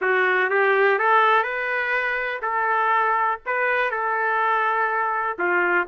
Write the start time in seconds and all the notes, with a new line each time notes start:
0.01 F#4
0.49 G4
0.98 A4
1.43 B4
2.41 A4
3.46 B4
3.90 A4
5.38 F4